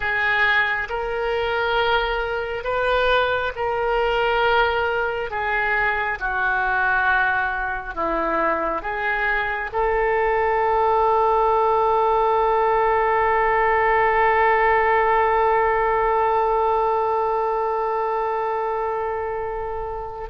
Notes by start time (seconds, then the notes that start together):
0.00 G#4
0.89 A#4
2.64 B4
3.55 A#4
5.30 G#4
6.19 F#4
7.95 E4
8.82 G#4
9.72 A4